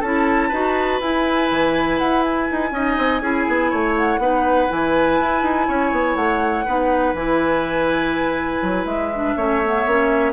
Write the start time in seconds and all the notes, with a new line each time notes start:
0.00 C#4 E4 A4 A5
0.49 D#4 F#4 B4
1.01 E4 G#5
1.51 E3
1.99 E4 F#5
2.24 G#5
2.52 D#4
2.72 C#4 D#4 D#5
2.98 C4
3.21 C#4 E4 G#4
3.48 B3
3.71 A3 C#5
3.97 F#5
4.18 B3 D#4 B4
4.69 E3 E4 G#5
5.20 E4
5.43 D#4
5.68 C#4 C#5
5.92 B3
6.16 A3 F#5
6.66 B3 D#4 B4
7.14 E3 E4 G#5
8.62 F#3
8.86 G#3 E5
9.15 D4
9.36 A3 C#4 C#5
9.65 B3
9.86 A#3 C#4